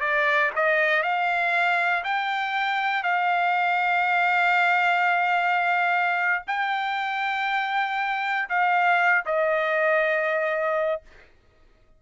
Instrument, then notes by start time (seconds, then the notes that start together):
trumpet
0.00 D5
0.55 D#5
1.02 F5
2.04 G5
3.03 F5
6.47 G5
8.49 F5
9.25 D#5